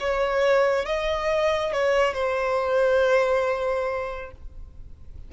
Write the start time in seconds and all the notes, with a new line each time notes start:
0.00 C#5
0.85 D#5
1.73 C#5
2.14 C5